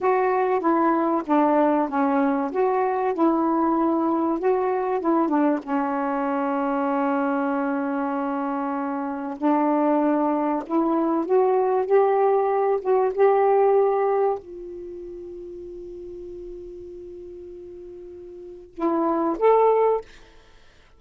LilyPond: \new Staff \with { instrumentName = "saxophone" } { \time 4/4 \tempo 4 = 96 fis'4 e'4 d'4 cis'4 | fis'4 e'2 fis'4 | e'8 d'8 cis'2.~ | cis'2. d'4~ |
d'4 e'4 fis'4 g'4~ | g'8 fis'8 g'2 f'4~ | f'1~ | f'2 e'4 a'4 | }